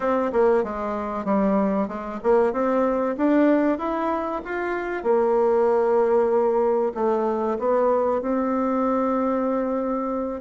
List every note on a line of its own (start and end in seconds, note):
0.00 0.31 C4
0.32 0.63 A#3
0.63 1.25 G#3
1.25 1.88 G3
1.88 2.19 G#3
2.22 2.52 A#3
2.52 3.16 C4
3.17 3.78 D4
3.78 4.41 E4
4.44 5.03 F4
5.03 6.92 A#3
6.94 7.57 A3
7.58 8.21 B3
8.21 10.41 C4